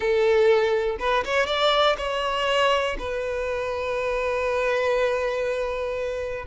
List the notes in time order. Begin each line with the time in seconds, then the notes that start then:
0.00 A4
0.99 B4
1.25 C#5
1.46 D5
1.97 C#5
2.98 B4